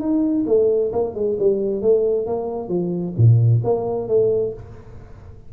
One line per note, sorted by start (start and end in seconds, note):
0.00 0.45 D#4
0.47 0.92 A3
0.93 1.15 A#3
1.15 1.37 G#3
1.39 1.82 G3
1.82 2.27 A3
2.27 2.68 A#3
2.68 3.14 F3
3.17 3.62 A#2
3.64 4.08 A#3
4.08 4.53 A3